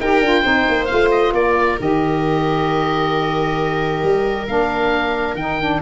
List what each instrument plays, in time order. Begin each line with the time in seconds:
0.00 tuba D#4, saxophone G4, viola A#4, oboe G5
0.21 tuba D4, saxophone F4
0.43 tuba C4, saxophone D#4, viola C5
0.68 tuba A#3
0.86 saxophone F4, oboe F5
0.92 tuba A3
1.11 oboe D#5
1.32 tuba A#3, viola A#4, oboe D5
1.80 tuba D#3, saxophone G4, oboe D#5
4.03 tuba G3
4.48 tuba A#3, saxophone D4, oboe F5
5.35 tuba D#3, saxophone D#4, oboe G5
5.61 saxophone D4